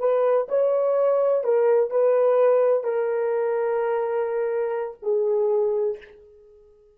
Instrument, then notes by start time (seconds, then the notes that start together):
horn
0.00 B4
0.49 C#5
1.44 A#4
1.91 B4
2.84 A#4
5.03 G#4